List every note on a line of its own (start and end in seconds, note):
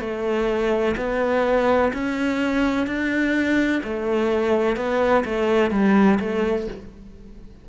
0.00 0.95 A3
0.97 1.92 B3
1.93 2.87 C#4
2.87 3.82 D4
3.84 4.76 A3
4.76 5.24 B3
5.25 5.71 A3
5.71 6.19 G3
6.19 6.67 A3